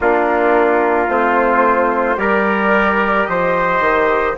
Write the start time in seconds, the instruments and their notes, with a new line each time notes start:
0.00 bassoon A#3, trombone D4, trumpet F4, flute A#4
1.07 bassoon A3, trombone C4, flute C5
2.16 bassoon G3, trombone G4, trumpet A#4, flute D5
3.25 bassoon F3, trumpet C5, flute D#5
3.80 bassoon D#3